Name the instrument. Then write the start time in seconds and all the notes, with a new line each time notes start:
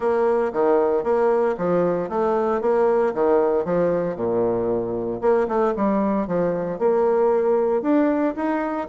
bassoon
0.00 A#3
0.52 D#3
1.03 A#3
1.57 F3
2.09 A3
2.61 A#3
3.14 D#3
3.64 F3
4.16 A#2
5.21 A#3
5.48 A3
5.76 G3
6.27 F3
6.78 A#3
7.82 D4
8.35 D#4